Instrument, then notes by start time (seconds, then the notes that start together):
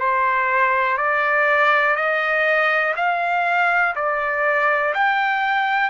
trumpet
0.00 C5
0.98 D5
1.96 D#5
2.96 F5
3.96 D5
4.94 G5